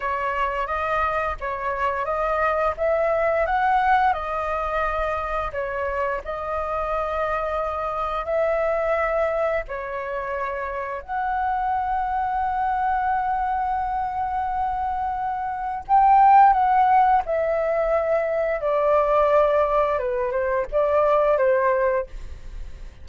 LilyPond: \new Staff \with { instrumentName = "flute" } { \time 4/4 \tempo 4 = 87 cis''4 dis''4 cis''4 dis''4 | e''4 fis''4 dis''2 | cis''4 dis''2. | e''2 cis''2 |
fis''1~ | fis''2. g''4 | fis''4 e''2 d''4~ | d''4 b'8 c''8 d''4 c''4 | }